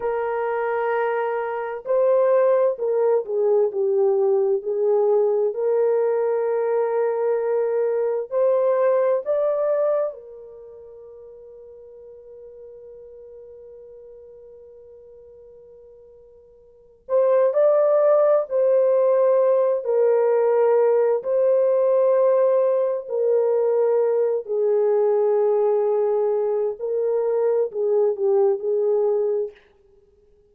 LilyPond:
\new Staff \with { instrumentName = "horn" } { \time 4/4 \tempo 4 = 65 ais'2 c''4 ais'8 gis'8 | g'4 gis'4 ais'2~ | ais'4 c''4 d''4 ais'4~ | ais'1~ |
ais'2~ ais'8 c''8 d''4 | c''4. ais'4. c''4~ | c''4 ais'4. gis'4.~ | gis'4 ais'4 gis'8 g'8 gis'4 | }